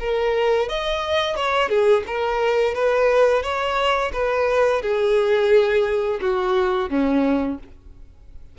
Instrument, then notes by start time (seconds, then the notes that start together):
violin
0.00 A#4
0.69 D#5
1.36 C#5
1.70 G#4
2.07 A#4
2.75 B4
3.43 C#5
4.13 B4
4.82 G#4
6.21 F#4
6.90 C#4